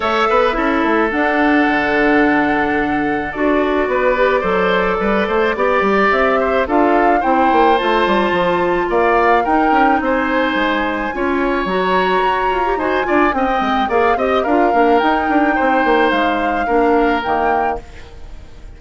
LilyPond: <<
  \new Staff \with { instrumentName = "flute" } { \time 4/4 \tempo 4 = 108 e''2 fis''2~ | fis''2 d''2~ | d''2. e''4 | f''4 g''4 a''2 |
f''4 g''4 gis''2~ | gis''4 ais''2 gis''4 | g''4 f''8 dis''8 f''4 g''4~ | g''4 f''2 g''4 | }
  \new Staff \with { instrumentName = "oboe" } { \time 4/4 cis''8 b'8 a'2.~ | a'2. b'4 | c''4 b'8 c''8 d''4. c''8 | a'4 c''2. |
d''4 ais'4 c''2 | cis''2. c''8 d''8 | dis''4 d''8 dis''8 ais'2 | c''2 ais'2 | }
  \new Staff \with { instrumentName = "clarinet" } { \time 4/4 a'4 e'4 d'2~ | d'2 fis'4. g'8 | a'2 g'2 | f'4 e'4 f'2~ |
f'4 dis'2. | f'4 fis'4.~ fis'16 g'16 fis'8 f'8 | cis'16 c'8. gis'8 g'8 f'8 d'8 dis'4~ | dis'2 d'4 ais4 | }
  \new Staff \with { instrumentName = "bassoon" } { \time 4/4 a8 b8 cis'8 a8 d'4 d4~ | d2 d'4 b4 | fis4 g8 a8 b8 g8 c'4 | d'4 c'8 ais8 a8 g8 f4 |
ais4 dis'8 cis'8 c'4 gis4 | cis'4 fis4 fis'8 f'8 dis'8 d'8 | c'8 gis8 ais8 c'8 d'8 ais8 dis'8 d'8 | c'8 ais8 gis4 ais4 dis4 | }
>>